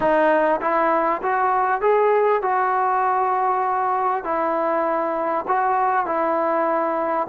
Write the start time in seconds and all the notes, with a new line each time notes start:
0.00 D#4
0.61 E4
1.22 F#4
1.81 G#4
2.42 F#4
4.24 E4
5.47 F#4
6.06 E4